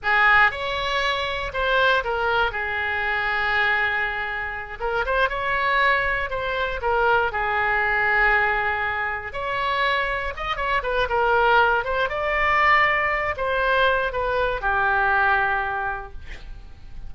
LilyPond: \new Staff \with { instrumentName = "oboe" } { \time 4/4 \tempo 4 = 119 gis'4 cis''2 c''4 | ais'4 gis'2.~ | gis'4. ais'8 c''8 cis''4.~ | cis''8 c''4 ais'4 gis'4.~ |
gis'2~ gis'8 cis''4.~ | cis''8 dis''8 cis''8 b'8 ais'4. c''8 | d''2~ d''8 c''4. | b'4 g'2. | }